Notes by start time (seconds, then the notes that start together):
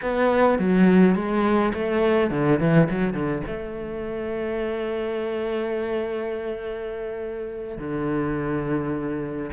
0.02 B3
0.58 F#3
1.15 G#3
1.73 A3
2.30 D3
2.59 E3
2.89 F#3
3.13 D3
3.46 A3
7.77 D3